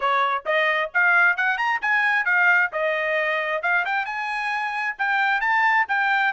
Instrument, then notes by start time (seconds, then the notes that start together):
trumpet
0.00 C#5
0.45 D#5
0.94 F5
1.36 F#5
1.57 A#5
1.81 G#5
2.25 F5
2.72 D#5
3.62 F5
3.85 G5
4.05 G#5
4.98 G5
5.40 A5
5.88 G5